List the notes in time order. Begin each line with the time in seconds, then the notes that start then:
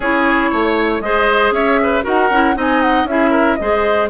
0.00 C#4 E4 G#4 C#5
0.51 A3 C#5
1.00 G#3 G#4 C5 D#5
1.51 C#4 C#5 E5
1.82 B4
2.03 D#4 F#4 A#4 F#5
2.29 C#4 E4
2.55 C4 D#4 D#5 G#5
2.81 F#5
3.04 C#4 E4 E5
3.10 G#4
3.30 A#4
3.55 G#3 G#4 C5 D#5